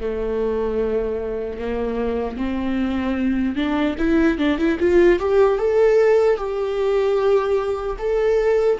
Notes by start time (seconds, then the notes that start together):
0.00 A3
1.59 A#3
2.37 C4
3.56 D4
3.98 E4
4.38 D4
4.58 E4
4.79 F4
5.19 G4
5.58 A4
6.37 G4
7.99 A4